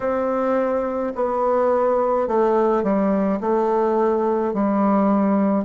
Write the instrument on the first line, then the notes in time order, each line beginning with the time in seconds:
bassoon
0.00 C4
1.15 B3
2.27 A3
2.83 G3
3.40 A3
4.53 G3